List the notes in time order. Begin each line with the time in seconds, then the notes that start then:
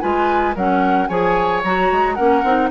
0.00 G#3 F4 B4 G#5
0.55 F#3 C#4 A#4 F#5
1.07 F3 G#4 C#5 G#5
1.63 F#3 F#4 A#5
1.91 G#3
2.14 A#3 C#4 A#4 F#5
2.43 C4 D#4